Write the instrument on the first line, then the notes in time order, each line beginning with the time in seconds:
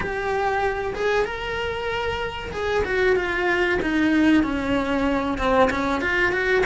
cello
0.00 G4
0.94 G#4
1.25 A#4
2.51 G#4
2.84 F#4
3.16 F4
3.82 D#4
4.43 C#4
5.37 C4
5.70 C#4
6.01 F4
6.32 F#4